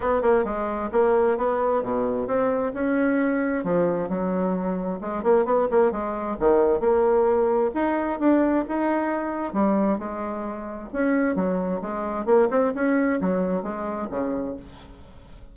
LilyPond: \new Staff \with { instrumentName = "bassoon" } { \time 4/4 \tempo 4 = 132 b8 ais8 gis4 ais4 b4 | b,4 c'4 cis'2 | f4 fis2 gis8 ais8 | b8 ais8 gis4 dis4 ais4~ |
ais4 dis'4 d'4 dis'4~ | dis'4 g4 gis2 | cis'4 fis4 gis4 ais8 c'8 | cis'4 fis4 gis4 cis4 | }